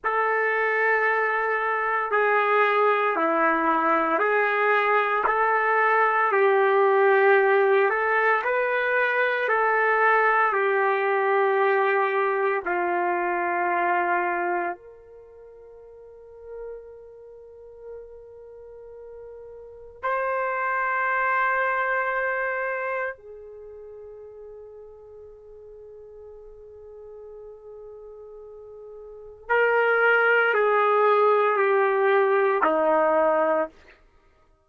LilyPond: \new Staff \with { instrumentName = "trumpet" } { \time 4/4 \tempo 4 = 57 a'2 gis'4 e'4 | gis'4 a'4 g'4. a'8 | b'4 a'4 g'2 | f'2 ais'2~ |
ais'2. c''4~ | c''2 gis'2~ | gis'1 | ais'4 gis'4 g'4 dis'4 | }